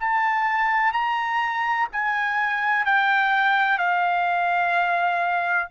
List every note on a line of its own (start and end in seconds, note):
0.00 0.93 A5
0.93 1.88 A#5
1.93 2.85 G#5
2.85 3.78 G5
3.78 5.69 F5